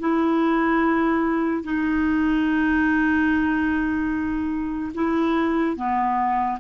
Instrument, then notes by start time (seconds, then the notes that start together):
clarinet
0.00 E4
1.64 D#4
4.95 E4
5.76 B3